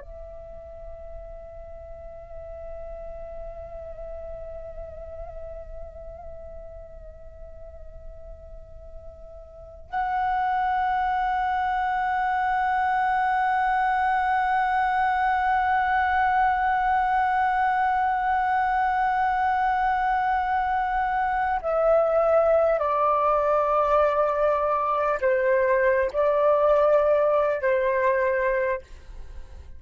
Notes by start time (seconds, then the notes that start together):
0.00 E5
9.89 F#5
21.61 E5
22.78 D5
25.21 C5
26.12 D5
27.61 C5